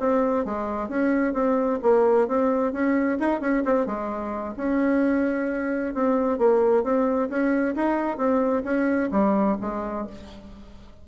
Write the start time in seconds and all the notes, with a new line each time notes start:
0.00 C4
0.45 G#3
0.89 C#4
1.34 C4
1.82 A#3
2.28 C4
2.73 C#4
3.20 D#4
3.41 C#4
3.65 C4
3.86 G#3
4.57 C#4
5.95 C4
6.38 A#3
6.83 C4
7.30 C#4
7.76 D#4
8.18 C4
8.64 C#4
9.12 G3
9.61 G#3